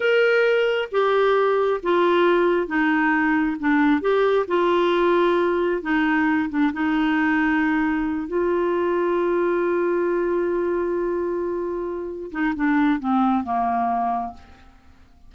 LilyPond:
\new Staff \with { instrumentName = "clarinet" } { \time 4/4 \tempo 4 = 134 ais'2 g'2 | f'2 dis'2 | d'4 g'4 f'2~ | f'4 dis'4. d'8 dis'4~ |
dis'2~ dis'8 f'4.~ | f'1~ | f'2.~ f'8 dis'8 | d'4 c'4 ais2 | }